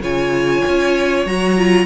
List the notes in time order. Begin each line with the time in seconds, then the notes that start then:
0.00 C#3 F4 C#5 G#5
0.68 C#4
1.25 F#3 F#4 A#5
1.57 F4